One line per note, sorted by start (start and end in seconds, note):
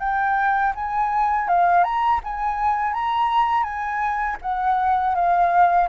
0.00 0.73 G5
0.75 1.48 G#5
1.48 1.84 F5
1.84 2.21 A#5
2.24 2.94 G#5
2.94 3.64 A#5
3.64 4.37 G#5
4.42 5.15 F#5
5.15 5.88 F5